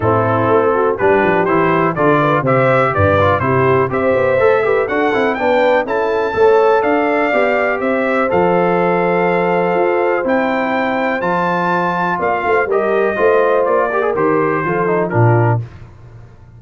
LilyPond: <<
  \new Staff \with { instrumentName = "trumpet" } { \time 4/4 \tempo 4 = 123 a'2 b'4 c''4 | d''4 e''4 d''4 c''4 | e''2 fis''4 g''4 | a''2 f''2 |
e''4 f''2.~ | f''4 g''2 a''4~ | a''4 f''4 dis''2 | d''4 c''2 ais'4 | }
  \new Staff \with { instrumentName = "horn" } { \time 4/4 e'4. fis'8 g'2 | a'8 b'8 c''4 b'4 g'4 | c''4. b'8 a'4 b'4 | a'4 cis''4 d''2 |
c''1~ | c''1~ | c''4 d''8 c''8 ais'4 c''4~ | c''8 ais'4. a'4 f'4 | }
  \new Staff \with { instrumentName = "trombone" } { \time 4/4 c'2 d'4 e'4 | f'4 g'4. f'8 e'4 | g'4 a'8 g'8 fis'8 e'8 d'4 | e'4 a'2 g'4~ |
g'4 a'2.~ | a'4 e'2 f'4~ | f'2 g'4 f'4~ | f'8 g'16 gis'16 g'4 f'8 dis'8 d'4 | }
  \new Staff \with { instrumentName = "tuba" } { \time 4/4 a,4 a4 g8 f8 e4 | d4 c4 g,4 c4 | c'8 b8 a4 d'8 c'8 b4 | cis'4 a4 d'4 b4 |
c'4 f2. | f'4 c'2 f4~ | f4 ais8 a8 g4 a4 | ais4 dis4 f4 ais,4 | }
>>